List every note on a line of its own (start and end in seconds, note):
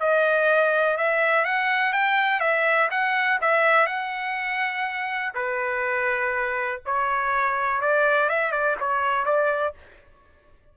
0.00 0.98 D#5
0.98 1.45 E5
1.45 1.93 F#5
1.93 2.40 G5
2.40 2.89 E5
2.91 3.40 F#5
3.41 3.87 E5
3.87 5.33 F#5
5.35 6.81 B4
6.86 7.82 C#5
7.82 8.29 D5
8.29 8.52 E5
8.52 8.76 D5
8.80 9.25 C#5
9.25 9.74 D5